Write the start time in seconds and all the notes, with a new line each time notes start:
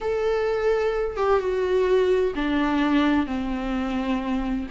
0.00 A4
1.16 G4
1.39 F#4
2.35 D4
3.26 C4